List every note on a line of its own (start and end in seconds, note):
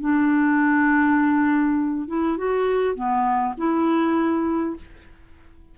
0.00 2.08 D4
2.08 2.37 E4
2.37 2.95 F#4
2.95 3.54 B3
3.57 4.76 E4